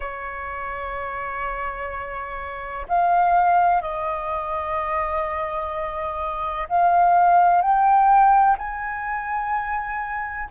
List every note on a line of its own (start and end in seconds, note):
0.00 2.86 C#5
2.88 3.81 F5
3.81 6.67 D#5
6.68 7.61 F5
7.61 8.57 G5
8.58 10.48 G#5